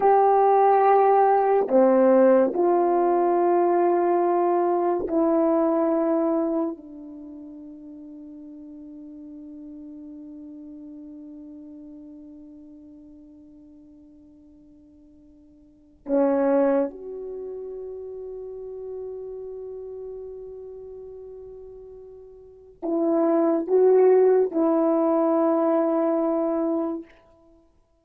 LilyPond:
\new Staff \with { instrumentName = "horn" } { \time 4/4 \tempo 4 = 71 g'2 c'4 f'4~ | f'2 e'2 | d'1~ | d'1~ |
d'2. cis'4 | fis'1~ | fis'2. e'4 | fis'4 e'2. | }